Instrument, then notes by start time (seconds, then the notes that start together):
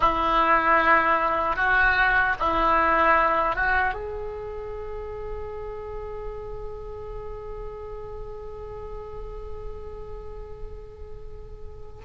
oboe
0.00 E4
1.56 F#4
2.39 E4
3.55 F#4
3.93 G#4